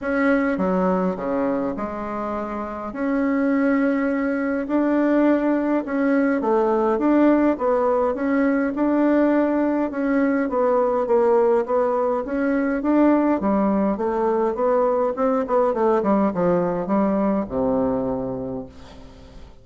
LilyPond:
\new Staff \with { instrumentName = "bassoon" } { \time 4/4 \tempo 4 = 103 cis'4 fis4 cis4 gis4~ | gis4 cis'2. | d'2 cis'4 a4 | d'4 b4 cis'4 d'4~ |
d'4 cis'4 b4 ais4 | b4 cis'4 d'4 g4 | a4 b4 c'8 b8 a8 g8 | f4 g4 c2 | }